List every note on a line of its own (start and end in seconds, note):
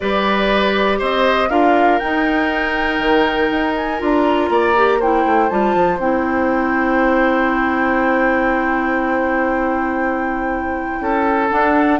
0.00 1.00 G3
0.00 1.50 G4
0.00 0.99 B4
0.00 0.99 D5
0.99 1.49 C4
0.99 1.49 C5
0.99 1.50 D#5
1.49 1.99 D4
1.49 2.00 F4
1.49 4.49 A#4
1.49 1.98 F5
1.98 3.98 D#4
1.98 2.98 D#4
1.98 3.73 G5
2.98 3.48 D#3
3.51 4.01 D#4
3.75 4.00 G#5
3.98 4.49 D4
3.98 4.73 F4
3.98 5.02 A#5
4.49 5.24 A#3
4.49 4.99 D5
4.76 5.01 G4
4.99 5.49 E4
4.99 10.99 C5
4.99 5.49 G5
5.25 5.50 A3
5.49 5.75 G3
5.49 5.99 F4
5.49 5.99 A5
5.75 5.98 F3
5.98 10.98 C4
5.98 11.50 E4
5.98 11.49 G5
10.99 11.49 C#4
10.99 11.99 A4
11.50 11.99 D4
11.50 11.99 F#5